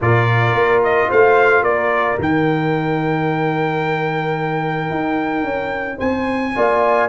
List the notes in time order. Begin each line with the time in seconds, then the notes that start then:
0.01 A#2 F4 A#4 D5
0.53 A#3
0.83 D#5
1.08 A3 C5 F5
1.62 A#3 A#4 D5
2.18 D#3 D#4 G5
4.90 D#4
5.43 C#4
5.97 C4 C5 G#5
6.55 A#3 F4 D5